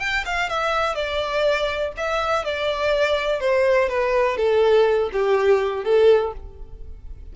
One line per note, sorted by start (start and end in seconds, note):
0.00 0.24 G5
0.25 0.49 F5
0.49 0.95 E5
0.95 1.93 D5
1.97 2.45 E5
2.45 3.40 D5
3.40 3.89 C5
3.89 4.37 B4
4.37 5.10 A4
5.12 5.84 G4
5.84 6.33 A4